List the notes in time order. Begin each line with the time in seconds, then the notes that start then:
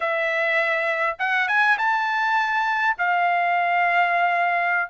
0.00 E5
1.18 F#5
1.48 G#5
1.78 A5
2.97 F5